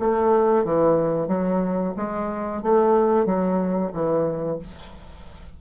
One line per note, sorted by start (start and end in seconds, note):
0.00 0.65 A3
0.65 1.28 E3
1.28 1.94 F#3
1.97 2.63 G#3
2.63 3.26 A3
3.26 3.92 F#3
3.93 4.59 E3